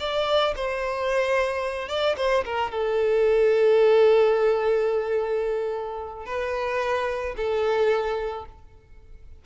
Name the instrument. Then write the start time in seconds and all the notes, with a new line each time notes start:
violin
0.00 D5
0.56 C5
1.89 D5
2.17 C5
2.45 A#4
2.72 A4
6.26 B4
7.37 A4